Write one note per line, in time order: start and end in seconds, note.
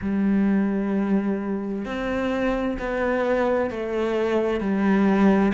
0.01 1.85 G3
1.85 2.77 C4
2.79 3.70 B3
3.70 4.60 A3
4.60 5.52 G3